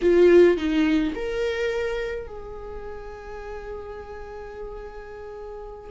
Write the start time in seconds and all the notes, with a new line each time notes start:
0.01 F4
0.57 D#4
1.15 A#4
2.27 G#4